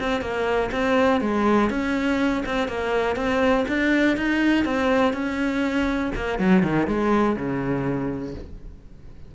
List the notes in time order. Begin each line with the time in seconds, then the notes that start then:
0.00 C4
0.21 A#3
0.72 C4
1.21 G#3
1.70 C#4
2.45 C4
2.68 A#3
3.16 C4
3.68 D4
4.16 D#4
4.65 C4
5.13 C#4
6.15 A#3
6.39 F#3
6.63 D#3
6.87 G#3
7.36 C#3